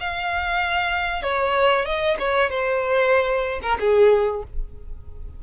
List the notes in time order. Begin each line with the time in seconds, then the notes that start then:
0.00 F5
1.23 C#5
1.85 D#5
2.19 C#5
2.50 C5
3.62 A#4
3.80 G#4